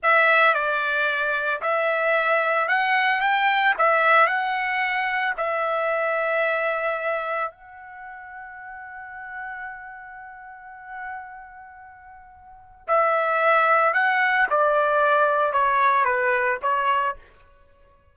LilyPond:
\new Staff \with { instrumentName = "trumpet" } { \time 4/4 \tempo 4 = 112 e''4 d''2 e''4~ | e''4 fis''4 g''4 e''4 | fis''2 e''2~ | e''2 fis''2~ |
fis''1~ | fis''1 | e''2 fis''4 d''4~ | d''4 cis''4 b'4 cis''4 | }